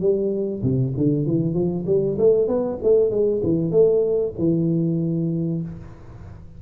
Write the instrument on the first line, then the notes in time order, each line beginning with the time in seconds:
tuba
0.00 G3
0.62 C3
0.97 D3
1.26 E3
1.54 F3
1.87 G3
2.18 A3
2.47 B3
2.83 A3
3.11 G#3
3.43 E3
3.71 A3
4.38 E3